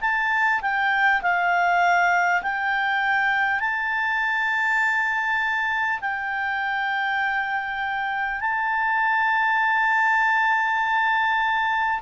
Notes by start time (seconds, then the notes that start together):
0.00 A5
0.61 G5
1.22 F5
2.42 G5
3.60 A5
6.01 G5
8.40 A5